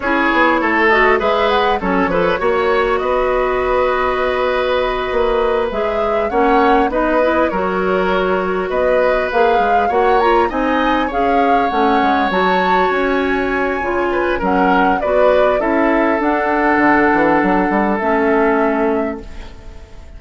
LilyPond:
<<
  \new Staff \with { instrumentName = "flute" } { \time 4/4 \tempo 4 = 100 cis''4. dis''8 e''8 fis''8 cis''4~ | cis''4 dis''2.~ | dis''4. e''4 fis''4 dis''8~ | dis''8 cis''2 dis''4 f''8~ |
f''8 fis''8 ais''8 gis''4 f''4 fis''8~ | fis''8 a''4 gis''2~ gis''8 | fis''4 d''4 e''4 fis''4~ | fis''2 e''2 | }
  \new Staff \with { instrumentName = "oboe" } { \time 4/4 gis'4 a'4 b'4 a'8 b'8 | cis''4 b'2.~ | b'2~ b'8 cis''4 b'8~ | b'8 ais'2 b'4.~ |
b'8 cis''4 dis''4 cis''4.~ | cis''2.~ cis''8 b'8 | ais'4 b'4 a'2~ | a'1 | }
  \new Staff \with { instrumentName = "clarinet" } { \time 4/4 e'4. fis'8 gis'4 cis'8 a'8 | fis'1~ | fis'4. gis'4 cis'4 dis'8 | e'8 fis'2. gis'8~ |
gis'8 fis'8 f'8 dis'4 gis'4 cis'8~ | cis'8 fis'2~ fis'8 f'4 | cis'4 fis'4 e'4 d'4~ | d'2 cis'2 | }
  \new Staff \with { instrumentName = "bassoon" } { \time 4/4 cis'8 b8 a4 gis4 fis8 f8 | ais4 b2.~ | b8 ais4 gis4 ais4 b8~ | b8 fis2 b4 ais8 |
gis8 ais4 c'4 cis'4 a8 | gis8 fis4 cis'4. cis4 | fis4 b4 cis'4 d'4 | d8 e8 fis8 g8 a2 | }
>>